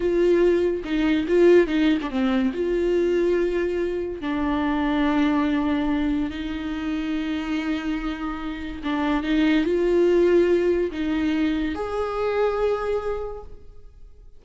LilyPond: \new Staff \with { instrumentName = "viola" } { \time 4/4 \tempo 4 = 143 f'2 dis'4 f'4 | dis'8. d'16 c'4 f'2~ | f'2 d'2~ | d'2. dis'4~ |
dis'1~ | dis'4 d'4 dis'4 f'4~ | f'2 dis'2 | gis'1 | }